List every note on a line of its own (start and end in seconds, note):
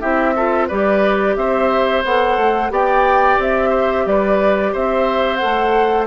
0.00 0.70 C4
0.00 0.35 E4
0.00 0.34 G4
0.00 0.67 E5
0.36 0.70 F4
0.36 0.68 A4
0.68 1.36 G3
0.68 2.05 G4
0.68 1.35 B4
0.68 1.36 D5
1.36 2.04 C4
1.36 2.72 C5
1.36 2.04 E5
2.04 2.38 B3
2.04 2.70 A4
2.04 2.72 F#5
2.38 2.70 A3
2.70 3.38 B3
2.70 5.39 G4
2.70 3.70 D5
2.70 3.41 G5
3.38 4.06 C4
3.38 4.06 E5
3.70 4.04 C5
4.06 4.73 G3
4.06 4.73 B4
4.06 4.74 D5
4.73 5.43 C4
4.73 6.07 C5
4.73 5.36 E5
5.36 6.06 A4
5.36 6.04 F#5
5.44 6.07 A3